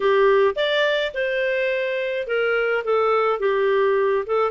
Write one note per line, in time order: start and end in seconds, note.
0.00 0.55 G4
0.55 1.12 D5
1.14 2.27 C5
2.27 2.83 A#4
2.84 3.39 A4
3.39 4.24 G4
4.26 4.51 A4